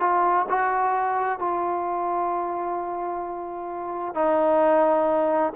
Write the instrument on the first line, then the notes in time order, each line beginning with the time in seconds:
trombone
0.00 F4
0.49 F#4
1.39 F4
4.15 D#4